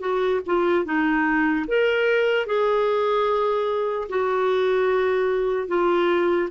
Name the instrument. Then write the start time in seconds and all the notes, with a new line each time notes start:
clarinet
0.00 F#4
0.46 F4
0.85 D#4
1.67 A#4
2.46 G#4
4.09 F#4
5.68 F4